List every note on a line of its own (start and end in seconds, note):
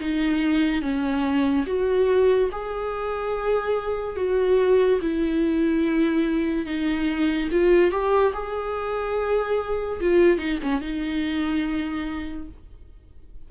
0.00 0.82 D#4
0.82 1.66 C#4
1.67 2.50 F#4
2.52 4.17 G#4
4.17 5.00 F#4
5.02 6.66 E4
6.66 7.50 D#4
7.52 7.91 F4
7.91 8.33 G4
8.34 10.00 G#4
10.01 10.38 F4
10.38 10.59 D#4
10.63 10.81 C#4
10.81 12.48 D#4